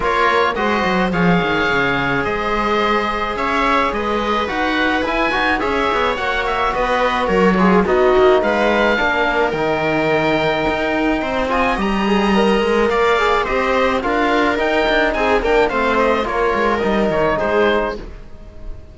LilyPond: <<
  \new Staff \with { instrumentName = "oboe" } { \time 4/4 \tempo 4 = 107 cis''4 dis''4 f''2 | dis''2 e''4 dis''4 | fis''4 gis''4 e''4 fis''8 e''8 | dis''4 cis''4 dis''4 f''4~ |
f''4 g''2.~ | g''8 gis''8 ais''2 f''4 | dis''4 f''4 g''4 gis''8 g''8 | f''8 dis''8 cis''4 dis''8 cis''8 c''4 | }
  \new Staff \with { instrumentName = "viola" } { \time 4/4 ais'4 c''4 cis''2 | c''2 cis''4 b'4~ | b'2 cis''2 | b'4 ais'8 gis'8 fis'4 b'4 |
ais'1 | c''8 dis''2~ dis''8 d''4 | c''4 ais'2 gis'8 ais'8 | c''4 ais'2 gis'4 | }
  \new Staff \with { instrumentName = "trombone" } { \time 4/4 f'4 fis'4 gis'2~ | gis'1 | fis'4 e'8 fis'8 gis'4 fis'4~ | fis'4. f'8 dis'2 |
d'4 dis'2.~ | dis'8 f'8 g'8 gis'8 ais'4. gis'8 | g'4 f'4 dis'4. d'8 | c'4 f'4 dis'2 | }
  \new Staff \with { instrumentName = "cello" } { \time 4/4 ais4 gis8 fis8 f8 dis8 cis4 | gis2 cis'4 gis4 | dis'4 e'8 dis'8 cis'8 b8 ais4 | b4 fis4 b8 ais8 gis4 |
ais4 dis2 dis'4 | c'4 g4. gis8 ais4 | c'4 d'4 dis'8 d'8 c'8 ais8 | a4 ais8 gis8 g8 dis8 gis4 | }
>>